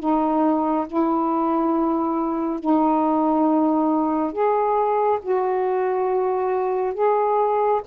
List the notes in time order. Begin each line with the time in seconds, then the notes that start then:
0.00 D#4
0.87 E4
2.60 D#4
4.32 G#4
5.22 F#4
6.94 G#4